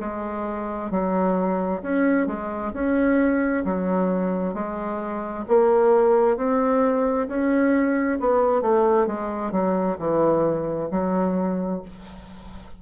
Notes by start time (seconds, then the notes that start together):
0.00 G#3
0.91 F#3
1.82 C#4
2.27 G#3
2.73 C#4
3.64 F#3
4.54 G#3
5.48 A#3
6.37 C4
7.28 C#4
8.20 B3
8.62 A3
9.07 G#3
9.52 F#3
9.98 E3
10.91 F#3